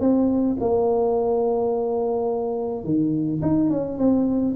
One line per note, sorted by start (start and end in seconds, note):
0.00 0.57 C4
0.60 2.84 A#3
2.84 3.41 D#3
3.42 3.70 D#4
3.70 3.98 C#4
3.98 4.55 C4